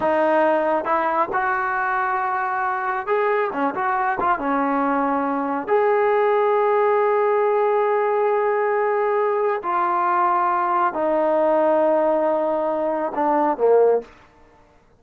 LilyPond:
\new Staff \with { instrumentName = "trombone" } { \time 4/4 \tempo 4 = 137 dis'2 e'4 fis'4~ | fis'2. gis'4 | cis'8 fis'4 f'8 cis'2~ | cis'4 gis'2.~ |
gis'1~ | gis'2 f'2~ | f'4 dis'2.~ | dis'2 d'4 ais4 | }